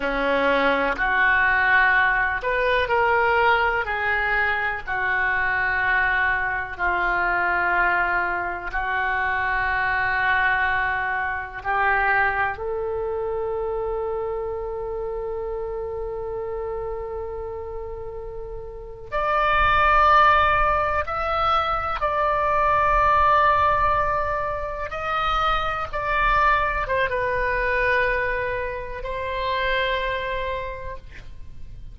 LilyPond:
\new Staff \with { instrumentName = "oboe" } { \time 4/4 \tempo 4 = 62 cis'4 fis'4. b'8 ais'4 | gis'4 fis'2 f'4~ | f'4 fis'2. | g'4 a'2.~ |
a'2.~ a'8. d''16~ | d''4.~ d''16 e''4 d''4~ d''16~ | d''4.~ d''16 dis''4 d''4 c''16 | b'2 c''2 | }